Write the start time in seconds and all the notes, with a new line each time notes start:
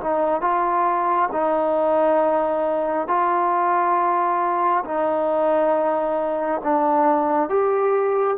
0.00 D#4
0.41 F4
1.32 D#4
3.07 F4
4.84 D#4
6.63 D4
7.49 G4